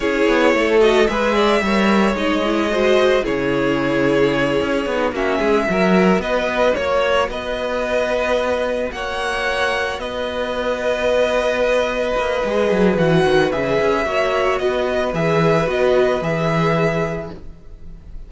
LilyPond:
<<
  \new Staff \with { instrumentName = "violin" } { \time 4/4 \tempo 4 = 111 cis''4. dis''8 e''2 | dis''2 cis''2~ | cis''4. e''2 dis''8~ | dis''8 cis''4 dis''2~ dis''8~ |
dis''8 fis''2 dis''4.~ | dis''1 | fis''4 e''2 dis''4 | e''4 dis''4 e''2 | }
  \new Staff \with { instrumentName = "violin" } { \time 4/4 gis'4 a'4 b'8 d''8 cis''4~ | cis''4 c''4 gis'2~ | gis'4. fis'8 gis'8 ais'4 b'8~ | b'8 cis''4 b'2~ b'8~ |
b'8 cis''2 b'4.~ | b'1~ | b'2 cis''4 b'4~ | b'1 | }
  \new Staff \with { instrumentName = "viola" } { \time 4/4 e'4. fis'8 gis'4 ais'4 | dis'8 e'8 fis'4 e'2~ | e'4 dis'8 cis'4 fis'4.~ | fis'1~ |
fis'1~ | fis'2. gis'4 | fis'4 gis'4 fis'2 | gis'4 fis'4 gis'2 | }
  \new Staff \with { instrumentName = "cello" } { \time 4/4 cis'8 b8 a4 gis4 g4 | gis2 cis2~ | cis8 cis'8 b8 ais8 gis8 fis4 b8~ | b8 ais4 b2~ b8~ |
b8 ais2 b4.~ | b2~ b8 ais8 gis8 fis8 | e8 dis8 cis8 cis'8 ais4 b4 | e4 b4 e2 | }
>>